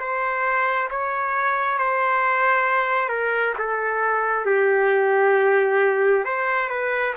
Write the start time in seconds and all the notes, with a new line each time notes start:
0.00 C5
0.91 C#5
1.79 C5
3.09 A#4
3.59 A4
4.46 G4
6.25 C5
6.70 B4